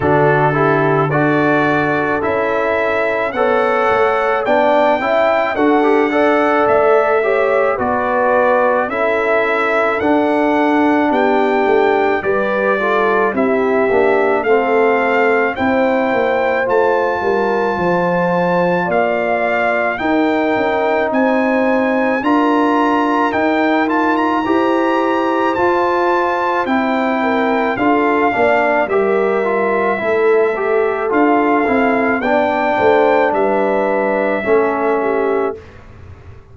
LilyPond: <<
  \new Staff \with { instrumentName = "trumpet" } { \time 4/4 \tempo 4 = 54 a'4 d''4 e''4 fis''4 | g''4 fis''4 e''4 d''4 | e''4 fis''4 g''4 d''4 | e''4 f''4 g''4 a''4~ |
a''4 f''4 g''4 gis''4 | ais''4 g''8 a''16 ais''4~ ais''16 a''4 | g''4 f''4 e''2 | f''4 g''4 e''2 | }
  \new Staff \with { instrumentName = "horn" } { \time 4/4 fis'8 g'8 a'2 cis''4 | d''8 e''8 a'8 d''4 cis''8 b'4 | a'2 g'4 b'8 a'8 | g'4 a'4 c''4. ais'8 |
c''4 d''4 ais'4 c''4 | ais'2 c''2~ | c''8 ais'8 a'8 d''8 ais'4 a'4~ | a'4 d''8 c''8 b'4 a'8 g'8 | }
  \new Staff \with { instrumentName = "trombone" } { \time 4/4 d'8 e'8 fis'4 e'4 a'4 | d'8 e'8 fis'16 g'16 a'4 g'8 fis'4 | e'4 d'2 g'8 f'8 | e'8 d'8 c'4 e'4 f'4~ |
f'2 dis'2 | f'4 dis'8 f'8 g'4 f'4 | e'4 f'8 d'8 g'8 f'8 e'8 g'8 | f'8 e'8 d'2 cis'4 | }
  \new Staff \with { instrumentName = "tuba" } { \time 4/4 d4 d'4 cis'4 b8 a8 | b8 cis'8 d'4 a4 b4 | cis'4 d'4 b8 a8 g4 | c'8 ais8 a4 c'8 ais8 a8 g8 |
f4 ais4 dis'8 cis'8 c'4 | d'4 dis'4 e'4 f'4 | c'4 d'8 ais8 g4 a4 | d'8 c'8 b8 a8 g4 a4 | }
>>